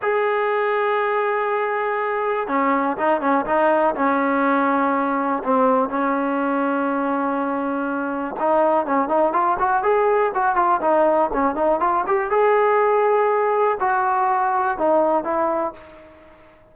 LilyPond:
\new Staff \with { instrumentName = "trombone" } { \time 4/4 \tempo 4 = 122 gis'1~ | gis'4 cis'4 dis'8 cis'8 dis'4 | cis'2. c'4 | cis'1~ |
cis'4 dis'4 cis'8 dis'8 f'8 fis'8 | gis'4 fis'8 f'8 dis'4 cis'8 dis'8 | f'8 g'8 gis'2. | fis'2 dis'4 e'4 | }